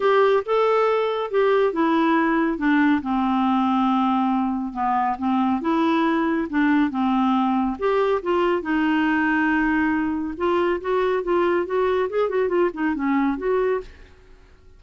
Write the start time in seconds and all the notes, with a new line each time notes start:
0.00 G4
0.45 A4
1.31 G4
1.72 E4
2.58 D4
3.02 C4
4.73 B3
5.18 C4
5.61 E4
6.49 D4
6.90 C4
7.78 G4
8.22 F4
8.61 D#4
10.37 F4
10.81 F#4
11.23 F4
11.65 F#4
12.09 G#4
12.29 F#4
12.48 F4
12.73 D#4
12.94 C#4
13.37 F#4